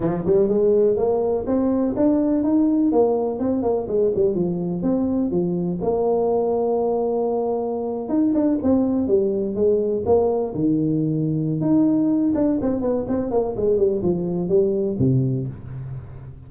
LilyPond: \new Staff \with { instrumentName = "tuba" } { \time 4/4 \tempo 4 = 124 f8 g8 gis4 ais4 c'4 | d'4 dis'4 ais4 c'8 ais8 | gis8 g8 f4 c'4 f4 | ais1~ |
ais8. dis'8 d'8 c'4 g4 gis16~ | gis8. ais4 dis2~ dis16 | dis'4. d'8 c'8 b8 c'8 ais8 | gis8 g8 f4 g4 c4 | }